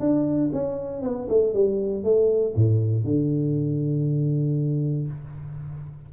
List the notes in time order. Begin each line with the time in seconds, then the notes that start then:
0.00 D4
0.53 C#4
1.02 B3
1.29 A3
1.53 G3
2.04 A3
2.55 A2
3.04 D3